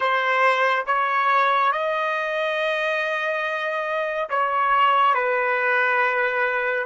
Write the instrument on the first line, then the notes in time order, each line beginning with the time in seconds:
trumpet
0.00 C5
0.86 C#5
1.72 D#5
4.29 C#5
5.14 B4